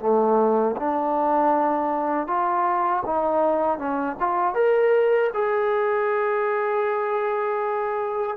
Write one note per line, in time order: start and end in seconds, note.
0.00 0.76 A3
0.77 2.28 D4
2.28 3.03 F4
3.06 3.79 D#4
3.79 4.17 C#4
4.20 4.55 F4
4.55 5.31 A#4
5.34 8.37 G#4